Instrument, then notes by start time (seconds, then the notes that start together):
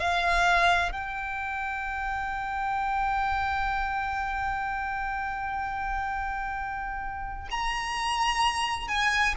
violin
0.00 F5
0.92 G5
7.52 A#5
8.88 G#5